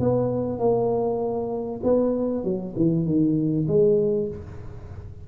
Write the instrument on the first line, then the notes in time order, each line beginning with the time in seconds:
tuba
0.00 B3
0.59 A#3
1.83 B3
2.44 F#3
2.76 E3
3.06 D#3
3.67 G#3